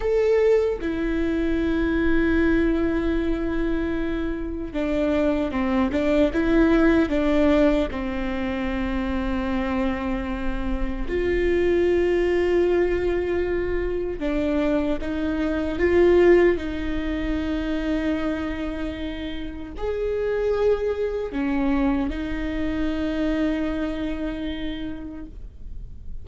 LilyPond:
\new Staff \with { instrumentName = "viola" } { \time 4/4 \tempo 4 = 76 a'4 e'2.~ | e'2 d'4 c'8 d'8 | e'4 d'4 c'2~ | c'2 f'2~ |
f'2 d'4 dis'4 | f'4 dis'2.~ | dis'4 gis'2 cis'4 | dis'1 | }